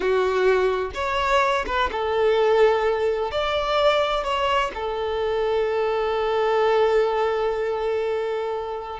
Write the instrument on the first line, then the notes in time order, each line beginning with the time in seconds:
violin
0.00 F#4
0.94 C#5
1.66 B4
1.91 A4
3.31 D5
4.23 C#5
4.74 A4